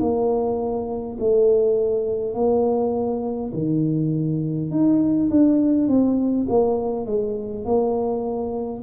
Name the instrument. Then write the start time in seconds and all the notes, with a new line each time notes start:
tuba
0.00 A#3
1.20 A3
2.34 A#3
3.53 D#3
4.71 D#4
5.30 D4
5.88 C4
6.49 A#3
7.06 G#3
7.65 A#3